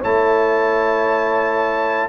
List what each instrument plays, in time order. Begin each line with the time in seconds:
0.00 tuba A3, trombone E4, horn C#5, trumpet A5